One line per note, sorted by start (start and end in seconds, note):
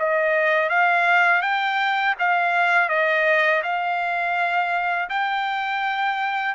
0.00 0.70 D#5
0.70 1.42 F5
1.42 2.15 G5
2.20 2.89 F5
2.89 3.63 D#5
3.63 5.10 F5
5.10 6.55 G5